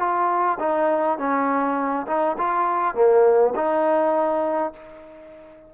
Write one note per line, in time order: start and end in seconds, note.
0.00 0.59 F4
0.60 1.18 D#4
1.18 2.07 C#4
2.07 2.37 D#4
2.38 2.95 F4
2.95 3.54 A#3
3.56 4.74 D#4